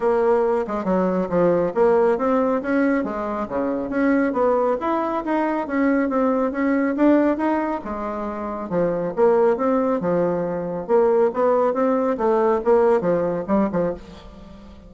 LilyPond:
\new Staff \with { instrumentName = "bassoon" } { \time 4/4 \tempo 4 = 138 ais4. gis8 fis4 f4 | ais4 c'4 cis'4 gis4 | cis4 cis'4 b4 e'4 | dis'4 cis'4 c'4 cis'4 |
d'4 dis'4 gis2 | f4 ais4 c'4 f4~ | f4 ais4 b4 c'4 | a4 ais4 f4 g8 f8 | }